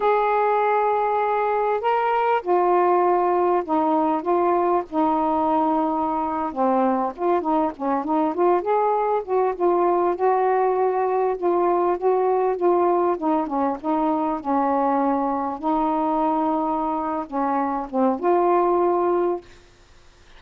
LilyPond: \new Staff \with { instrumentName = "saxophone" } { \time 4/4 \tempo 4 = 99 gis'2. ais'4 | f'2 dis'4 f'4 | dis'2~ dis'8. c'4 f'16~ | f'16 dis'8 cis'8 dis'8 f'8 gis'4 fis'8 f'16~ |
f'8. fis'2 f'4 fis'16~ | fis'8. f'4 dis'8 cis'8 dis'4 cis'16~ | cis'4.~ cis'16 dis'2~ dis'16~ | dis'8 cis'4 c'8 f'2 | }